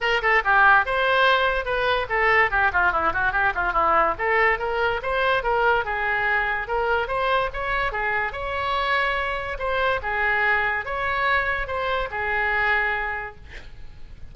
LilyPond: \new Staff \with { instrumentName = "oboe" } { \time 4/4 \tempo 4 = 144 ais'8 a'8 g'4 c''2 | b'4 a'4 g'8 f'8 e'8 fis'8 | g'8 f'8 e'4 a'4 ais'4 | c''4 ais'4 gis'2 |
ais'4 c''4 cis''4 gis'4 | cis''2. c''4 | gis'2 cis''2 | c''4 gis'2. | }